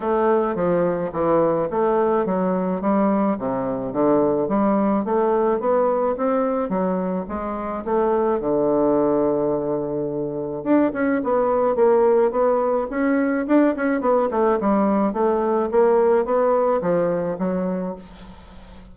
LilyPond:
\new Staff \with { instrumentName = "bassoon" } { \time 4/4 \tempo 4 = 107 a4 f4 e4 a4 | fis4 g4 c4 d4 | g4 a4 b4 c'4 | fis4 gis4 a4 d4~ |
d2. d'8 cis'8 | b4 ais4 b4 cis'4 | d'8 cis'8 b8 a8 g4 a4 | ais4 b4 f4 fis4 | }